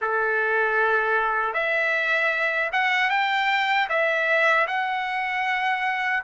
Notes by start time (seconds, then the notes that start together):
0.01 A4
1.53 E5
2.72 F#5
3.10 G5
3.89 E5
4.67 F#5